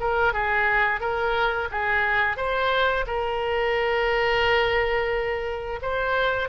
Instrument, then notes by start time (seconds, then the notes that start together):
oboe
0.00 A#4
0.33 G#4
1.00 A#4
1.71 G#4
2.37 C5
3.07 A#4
5.82 C5